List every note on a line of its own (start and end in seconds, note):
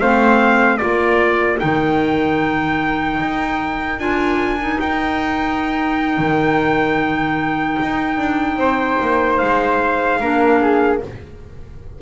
0.00 0.81 A3
0.00 0.79 C4
0.00 0.80 C5
0.00 0.78 F5
0.78 1.62 A#3
0.78 1.58 F4
0.78 8.59 A#4
0.78 1.58 D5
1.58 3.20 D#3
1.58 3.98 D#4
1.58 3.99 G5
3.20 3.98 D#4
3.98 4.78 D4
3.98 4.58 F4
3.98 4.79 G#5
4.59 10.19 D#4
4.81 6.18 D#4
4.81 9.38 G5
6.18 7.78 D#3
7.82 8.18 D#4
8.18 8.57 D4
8.57 8.96 C4
8.57 10.19 C5
9.01 9.41 A#3
9.38 10.21 G#3
9.38 10.98 F5
10.21 11.01 A#3
10.21 11.01 D4
10.21 10.61 A#4
10.62 11.02 G#4